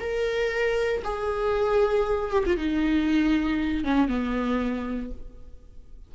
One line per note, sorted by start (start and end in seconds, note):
0.00 1.03 A#4
1.04 2.31 G#4
2.31 2.44 G4
2.47 2.57 F4
2.57 3.84 D#4
3.84 4.08 C#4
4.08 5.11 B3